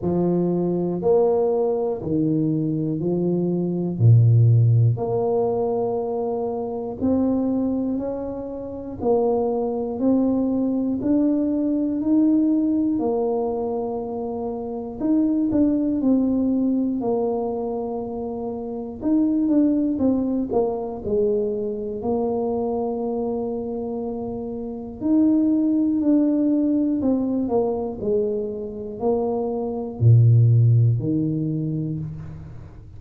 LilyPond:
\new Staff \with { instrumentName = "tuba" } { \time 4/4 \tempo 4 = 60 f4 ais4 dis4 f4 | ais,4 ais2 c'4 | cis'4 ais4 c'4 d'4 | dis'4 ais2 dis'8 d'8 |
c'4 ais2 dis'8 d'8 | c'8 ais8 gis4 ais2~ | ais4 dis'4 d'4 c'8 ais8 | gis4 ais4 ais,4 dis4 | }